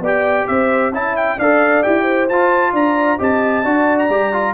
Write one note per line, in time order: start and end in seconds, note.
0.00 0.45 B3
0.00 0.93 G4
0.00 0.48 D5
0.07 0.48 G5
0.48 0.92 C4
0.48 0.94 C5
0.48 0.93 E5
0.92 1.37 C#4
0.92 1.38 E4
0.92 1.37 E5
0.92 1.17 A5
1.17 1.40 G5
1.37 1.84 D4
1.37 1.84 A4
1.37 2.02 D5
1.37 1.83 F5
1.83 2.30 E4
1.83 2.29 G4
1.83 2.28 G5
2.02 2.70 C5
2.29 2.73 F4
2.29 3.19 F4
2.29 2.74 A5
2.73 3.19 D4
2.73 3.19 D5
2.73 3.21 A#5
3.19 3.65 C4
3.19 3.64 G4
3.19 3.64 D#5
3.19 3.99 A5
3.64 4.10 D4
3.64 4.10 F#4
3.64 4.54 D5
3.99 4.55 A#5
4.10 4.55 G3
4.10 4.33 G4
4.33 4.55 F4